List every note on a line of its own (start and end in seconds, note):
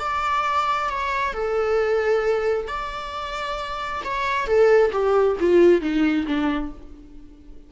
0.00 0.90 D5
0.90 1.34 C#5
1.34 2.68 A4
2.68 4.02 D5
4.05 4.47 C#5
4.47 4.92 A4
4.93 5.37 G4
5.40 5.82 F4
5.82 6.26 D#4
6.27 6.72 D4